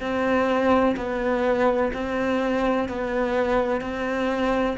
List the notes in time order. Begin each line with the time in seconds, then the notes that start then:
0.00 C4
0.96 B3
1.94 C4
2.88 B3
3.81 C4